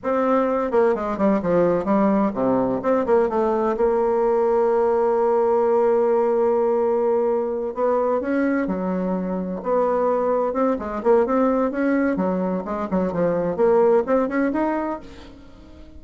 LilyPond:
\new Staff \with { instrumentName = "bassoon" } { \time 4/4 \tempo 4 = 128 c'4. ais8 gis8 g8 f4 | g4 c4 c'8 ais8 a4 | ais1~ | ais1~ |
ais8 b4 cis'4 fis4.~ | fis8 b2 c'8 gis8 ais8 | c'4 cis'4 fis4 gis8 fis8 | f4 ais4 c'8 cis'8 dis'4 | }